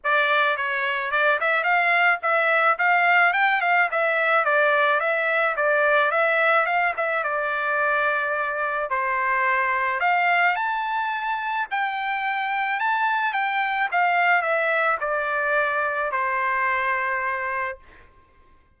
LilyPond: \new Staff \with { instrumentName = "trumpet" } { \time 4/4 \tempo 4 = 108 d''4 cis''4 d''8 e''8 f''4 | e''4 f''4 g''8 f''8 e''4 | d''4 e''4 d''4 e''4 | f''8 e''8 d''2. |
c''2 f''4 a''4~ | a''4 g''2 a''4 | g''4 f''4 e''4 d''4~ | d''4 c''2. | }